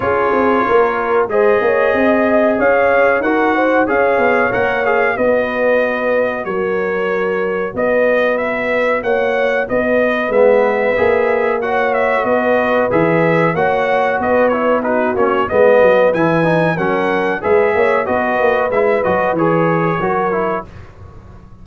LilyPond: <<
  \new Staff \with { instrumentName = "trumpet" } { \time 4/4 \tempo 4 = 93 cis''2 dis''2 | f''4 fis''4 f''4 fis''8 f''8 | dis''2 cis''2 | dis''4 e''4 fis''4 dis''4 |
e''2 fis''8 e''8 dis''4 | e''4 fis''4 dis''8 cis''8 b'8 cis''8 | dis''4 gis''4 fis''4 e''4 | dis''4 e''8 dis''8 cis''2 | }
  \new Staff \with { instrumentName = "horn" } { \time 4/4 gis'4 ais'4 c''8 cis''8 dis''4 | cis''4 ais'8 c''8 cis''2 | b'2 ais'2 | b'2 cis''4 b'4~ |
b'2 cis''4 b'4~ | b'4 cis''4 b'4 fis'4 | b'2 ais'4 b'8 cis''8 | b'2. ais'4 | }
  \new Staff \with { instrumentName = "trombone" } { \time 4/4 f'2 gis'2~ | gis'4 fis'4 gis'4 ais'8 gis'8 | fis'1~ | fis'1 |
b4 gis'4 fis'2 | gis'4 fis'4. e'8 dis'8 cis'8 | b4 e'8 dis'8 cis'4 gis'4 | fis'4 e'8 fis'8 gis'4 fis'8 e'8 | }
  \new Staff \with { instrumentName = "tuba" } { \time 4/4 cis'8 c'8 ais4 gis8 ais8 c'4 | cis'4 dis'4 cis'8 b8 ais4 | b2 fis2 | b2 ais4 b4 |
gis4 ais2 b4 | e4 ais4 b4. ais8 | gis8 fis8 e4 fis4 gis8 ais8 | b8 ais8 gis8 fis8 e4 fis4 | }
>>